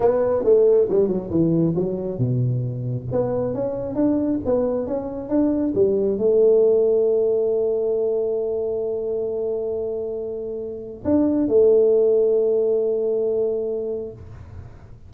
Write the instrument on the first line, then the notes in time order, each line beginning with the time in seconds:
tuba
0.00 B3
0.44 A3
0.89 G3
1.07 F#3
1.30 E3
1.75 F#3
2.18 B2
3.11 B3
3.54 C#4
3.95 D4
4.45 B3
4.86 C#4
5.29 D4
5.74 G3
6.18 A3
11.04 D4
11.47 A3